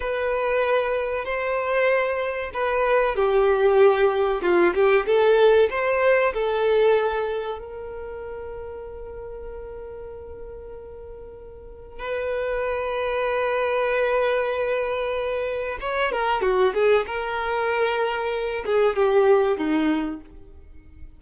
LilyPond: \new Staff \with { instrumentName = "violin" } { \time 4/4 \tempo 4 = 95 b'2 c''2 | b'4 g'2 f'8 g'8 | a'4 c''4 a'2 | ais'1~ |
ais'2. b'4~ | b'1~ | b'4 cis''8 ais'8 fis'8 gis'8 ais'4~ | ais'4. gis'8 g'4 dis'4 | }